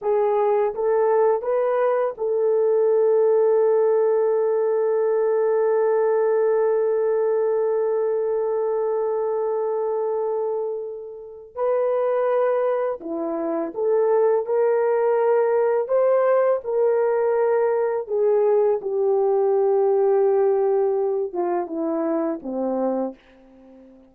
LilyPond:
\new Staff \with { instrumentName = "horn" } { \time 4/4 \tempo 4 = 83 gis'4 a'4 b'4 a'4~ | a'1~ | a'1~ | a'1 |
b'2 e'4 a'4 | ais'2 c''4 ais'4~ | ais'4 gis'4 g'2~ | g'4. f'8 e'4 c'4 | }